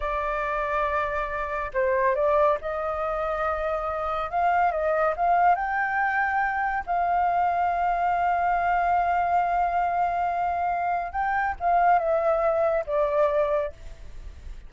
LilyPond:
\new Staff \with { instrumentName = "flute" } { \time 4/4 \tempo 4 = 140 d''1 | c''4 d''4 dis''2~ | dis''2 f''4 dis''4 | f''4 g''2. |
f''1~ | f''1~ | f''2 g''4 f''4 | e''2 d''2 | }